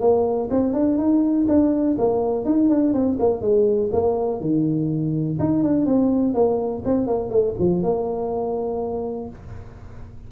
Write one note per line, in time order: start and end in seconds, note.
0.00 0.49 A#3
0.50 0.73 C4
0.73 0.98 D4
0.98 1.46 D#4
1.48 1.97 D4
1.98 2.45 A#3
2.45 2.69 D#4
2.69 2.93 D4
2.93 3.17 C4
3.19 3.41 A#3
3.41 3.90 G#3
3.92 4.40 A#3
4.40 5.38 D#3
5.39 5.63 D#4
5.63 5.86 D4
5.86 6.34 C4
6.34 6.83 A#3
6.85 7.07 C4
7.07 7.29 A#3
7.29 7.54 A3
7.59 7.83 F3
7.83 9.29 A#3